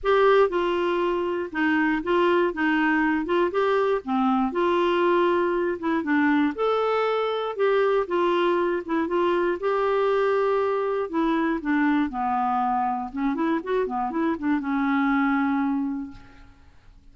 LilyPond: \new Staff \with { instrumentName = "clarinet" } { \time 4/4 \tempo 4 = 119 g'4 f'2 dis'4 | f'4 dis'4. f'8 g'4 | c'4 f'2~ f'8 e'8 | d'4 a'2 g'4 |
f'4. e'8 f'4 g'4~ | g'2 e'4 d'4 | b2 cis'8 e'8 fis'8 b8 | e'8 d'8 cis'2. | }